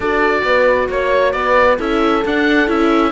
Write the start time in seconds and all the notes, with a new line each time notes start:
0.00 D4 F#4 A4 D5
0.43 B3 B4
0.88 A#3 C#5
1.32 B3 B4 D5
1.78 C#4 E4 A4 E5
2.25 D4 F#5
2.67 C#4 E4 E5